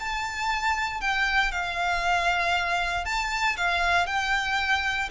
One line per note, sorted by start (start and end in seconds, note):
0.00 1.01 A5
1.01 1.52 G5
1.52 3.05 F5
3.05 3.57 A5
3.57 4.07 F5
4.07 5.09 G5